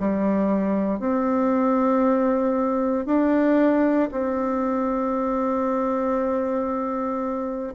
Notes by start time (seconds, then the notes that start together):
0.00 G3
1.00 C4
3.07 D4
4.12 C4